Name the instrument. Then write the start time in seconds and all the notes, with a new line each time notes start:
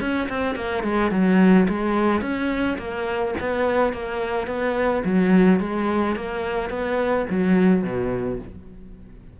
cello
0.00 C#4
0.29 C4
0.55 A#3
0.83 G#3
1.11 F#3
1.68 G#3
2.21 C#4
2.78 A#3
3.40 B3
3.93 A#3
4.47 B3
5.04 F#3
5.60 G#3
6.15 A#3
6.70 B3
7.29 F#3
7.83 B2